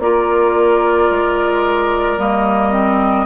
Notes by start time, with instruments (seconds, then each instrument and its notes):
0.00 bassoon A#3, clarinet F4, oboe A#4, flute D5
1.11 bassoon G#3
2.18 bassoon G3, clarinet A#3, flute D#5
2.72 clarinet C4